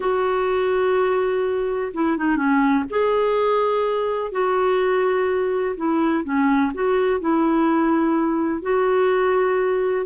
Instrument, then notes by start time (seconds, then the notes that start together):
clarinet
0.00 F#4
1.93 E4
2.17 D#4
2.36 C#4
2.89 G#4
4.31 F#4
5.76 E4
6.24 C#4
6.74 F#4
7.20 E4
8.62 F#4